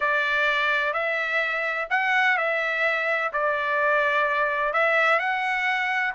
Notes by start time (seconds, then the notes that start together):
0.00 D5
0.93 E5
1.90 F#5
2.37 E5
3.32 D5
4.73 E5
5.19 F#5